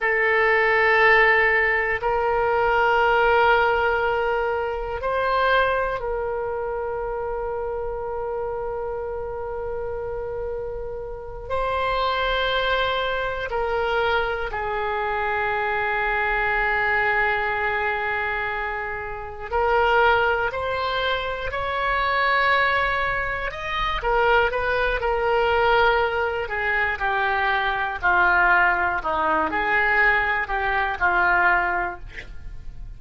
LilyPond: \new Staff \with { instrumentName = "oboe" } { \time 4/4 \tempo 4 = 60 a'2 ais'2~ | ais'4 c''4 ais'2~ | ais'2.~ ais'8 c''8~ | c''4. ais'4 gis'4.~ |
gis'2.~ gis'8 ais'8~ | ais'8 c''4 cis''2 dis''8 | ais'8 b'8 ais'4. gis'8 g'4 | f'4 dis'8 gis'4 g'8 f'4 | }